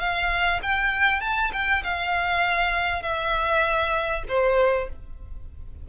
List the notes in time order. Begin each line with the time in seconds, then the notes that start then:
0.00 F5
0.63 G5
1.21 A5
1.53 G5
1.84 F5
3.02 E5
4.29 C5